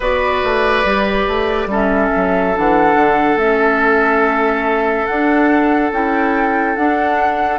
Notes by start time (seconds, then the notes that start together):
0.00 B3 F#4 B4 D5
0.43 A3
0.84 G3 G4
1.27 A3
1.66 G3 C#4 A4
1.72 E5
2.15 F#3
2.55 E3 D4 F#5
2.95 D3
3.35 A3 C#4 E5
5.06 D4 F#5
5.91 C#4 E4 G5
6.76 D4 F#5